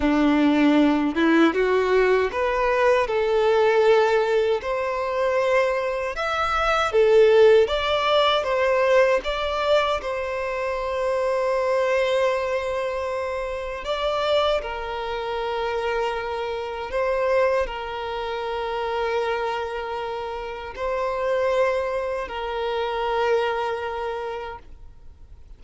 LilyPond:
\new Staff \with { instrumentName = "violin" } { \time 4/4 \tempo 4 = 78 d'4. e'8 fis'4 b'4 | a'2 c''2 | e''4 a'4 d''4 c''4 | d''4 c''2.~ |
c''2 d''4 ais'4~ | ais'2 c''4 ais'4~ | ais'2. c''4~ | c''4 ais'2. | }